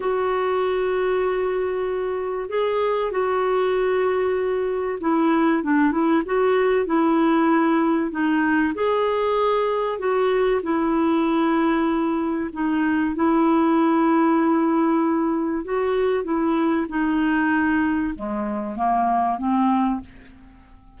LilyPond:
\new Staff \with { instrumentName = "clarinet" } { \time 4/4 \tempo 4 = 96 fis'1 | gis'4 fis'2. | e'4 d'8 e'8 fis'4 e'4~ | e'4 dis'4 gis'2 |
fis'4 e'2. | dis'4 e'2.~ | e'4 fis'4 e'4 dis'4~ | dis'4 gis4 ais4 c'4 | }